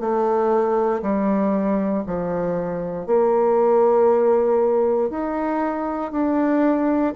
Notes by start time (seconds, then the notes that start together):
0.00 A3
1.02 G3
2.06 F3
3.06 A#3
5.10 D#4
6.12 D4